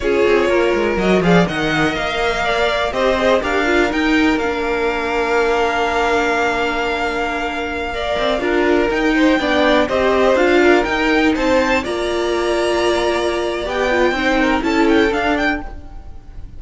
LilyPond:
<<
  \new Staff \with { instrumentName = "violin" } { \time 4/4 \tempo 4 = 123 cis''2 dis''8 f''8 fis''4 | f''2 dis''4 f''4 | g''4 f''2.~ | f''1~ |
f''2~ f''16 g''4.~ g''16~ | g''16 dis''4 f''4 g''4 a''8.~ | a''16 ais''2.~ ais''8. | g''2 a''8 g''8 f''8 g''8 | }
  \new Staff \with { instrumentName = "violin" } { \time 4/4 gis'4 ais'4. d''8 dis''4~ | dis''4 d''4 c''4 ais'4~ | ais'1~ | ais'1~ |
ais'16 d''4 ais'4. c''8 d''8.~ | d''16 c''4. ais'4. c''8.~ | c''16 d''2.~ d''8.~ | d''4 c''8 ais'8 a'2 | }
  \new Staff \with { instrumentName = "viola" } { \time 4/4 f'2 fis'8 gis'8 ais'4~ | ais'2 g'8 gis'8 g'8 f'8 | dis'4 d'2.~ | d'1~ |
d'16 ais'4 f'4 dis'4 d'8.~ | d'16 g'4 f'4 dis'4.~ dis'16~ | dis'16 f'2.~ f'8. | g'8 f'8 dis'4 e'4 d'4 | }
  \new Staff \with { instrumentName = "cello" } { \time 4/4 cis'8 c'8 ais8 gis8 fis8 f8 dis4 | ais2 c'4 d'4 | dis'4 ais2.~ | ais1~ |
ais8. c'8 d'4 dis'4 b8.~ | b16 c'4 d'4 dis'4 c'8.~ | c'16 ais2.~ ais8. | b4 c'4 cis'4 d'4 | }
>>